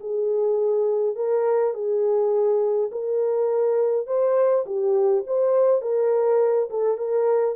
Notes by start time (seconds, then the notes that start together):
0.00 G#4
1.15 A#4
1.74 G#4
2.92 A#4
4.06 C5
4.66 G4
5.26 C5
5.81 A#4
6.70 A4
6.97 A#4